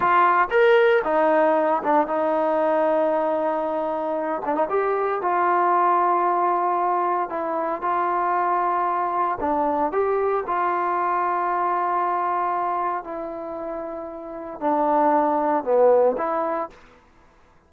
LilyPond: \new Staff \with { instrumentName = "trombone" } { \time 4/4 \tempo 4 = 115 f'4 ais'4 dis'4. d'8 | dis'1~ | dis'8 d'16 dis'16 g'4 f'2~ | f'2 e'4 f'4~ |
f'2 d'4 g'4 | f'1~ | f'4 e'2. | d'2 b4 e'4 | }